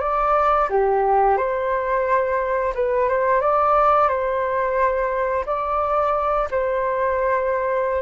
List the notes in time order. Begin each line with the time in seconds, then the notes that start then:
0.00 D5
0.69 G4
1.37 C5
2.74 B4
3.08 C5
3.41 D5
4.08 C5
5.46 D5
6.51 C5